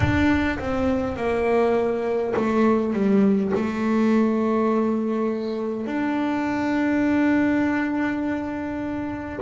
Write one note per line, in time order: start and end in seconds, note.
0.00 0.58 D4
0.58 1.16 C4
1.16 2.34 A#3
2.36 2.93 A3
2.93 3.52 G3
3.54 5.86 A3
5.86 9.39 D4